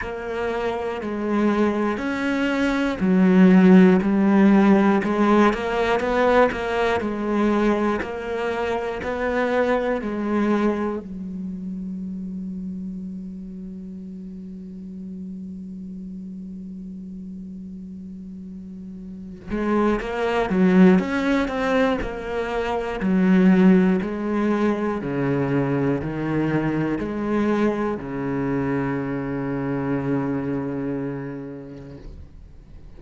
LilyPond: \new Staff \with { instrumentName = "cello" } { \time 4/4 \tempo 4 = 60 ais4 gis4 cis'4 fis4 | g4 gis8 ais8 b8 ais8 gis4 | ais4 b4 gis4 fis4~ | fis1~ |
fis2.~ fis8 gis8 | ais8 fis8 cis'8 c'8 ais4 fis4 | gis4 cis4 dis4 gis4 | cis1 | }